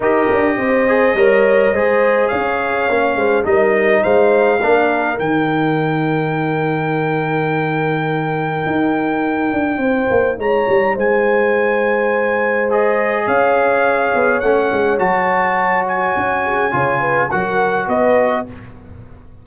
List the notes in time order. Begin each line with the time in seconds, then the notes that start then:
0.00 D#4 G4 A#4 D#5
0.30 D4
0.57 C4 C5
0.87 G#4
1.14 G3 A#4 C#5
1.72 G#3 G#4 C5
2.28 C#4 C#5 F5
2.89 A#3 C#4
3.15 G#3 C5
3.44 G3 D#4 A#4 D#5
4.01 G#3 C5 F5
4.60 A#3 D4 A#4
5.17 D#3 D#4 G5
8.66 D#4
9.52 D4
9.77 C4 C5
10.10 A#3
10.38 G#3 C#5 A#5
10.68 G3
10.94 G#3 C5 G#5
12.69 G#4 D#5
13.26 C#4 C#5 F5
14.14 B3
14.40 A3 C#4 F#5
14.72 G#3
14.98 F#3 F#4 A5
15.87 G#5
16.16 C#4
16.44 G#4
16.71 C#3 F4 C#5
17.00 B4
17.30 F#3 F#4 A#4 F#5
17.87 B3 B4 D#5